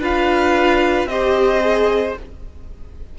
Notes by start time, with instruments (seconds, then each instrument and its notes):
0.00 cello D4, viola F4, violin B4 F5
1.06 cello C4, viola G4, violin C5 D#5
1.62 viola G#4